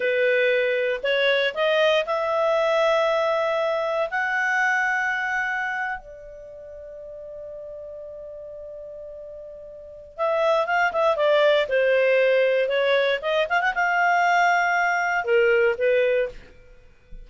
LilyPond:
\new Staff \with { instrumentName = "clarinet" } { \time 4/4 \tempo 4 = 118 b'2 cis''4 dis''4 | e''1 | fis''2.~ fis''8. d''16~ | d''1~ |
d''1 | e''4 f''8 e''8 d''4 c''4~ | c''4 cis''4 dis''8 f''16 fis''16 f''4~ | f''2 ais'4 b'4 | }